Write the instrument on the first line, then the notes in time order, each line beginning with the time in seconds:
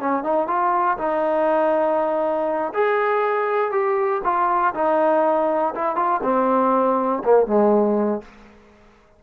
trombone
0.00 C#4
0.24 D#4
0.47 F4
0.98 D#4
2.74 G#4
3.72 G4
4.24 F4
4.75 D#4
5.75 E4
5.96 F4
6.23 C4
7.24 A#3
7.47 G#3